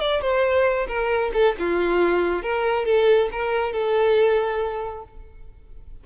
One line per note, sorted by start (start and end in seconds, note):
0.00 0.21 D5
0.21 0.87 C5
0.87 1.31 A#4
1.33 1.55 A4
1.59 2.42 F4
2.42 2.85 A#4
2.85 3.29 A4
3.31 3.72 A#4
3.72 5.03 A4